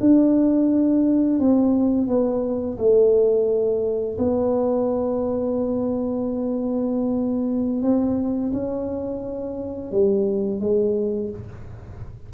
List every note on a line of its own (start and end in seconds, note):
0.00 1.40 D4
1.40 2.07 C4
2.07 2.77 B3
2.78 4.17 A3
4.18 7.82 B3
7.82 8.52 C4
8.53 9.91 C#4
9.91 10.60 G3
10.60 11.30 G#3